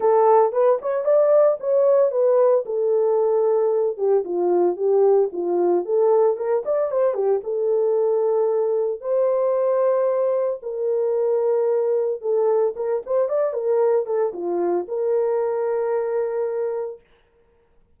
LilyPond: \new Staff \with { instrumentName = "horn" } { \time 4/4 \tempo 4 = 113 a'4 b'8 cis''8 d''4 cis''4 | b'4 a'2~ a'8 g'8 | f'4 g'4 f'4 a'4 | ais'8 d''8 c''8 g'8 a'2~ |
a'4 c''2. | ais'2. a'4 | ais'8 c''8 d''8 ais'4 a'8 f'4 | ais'1 | }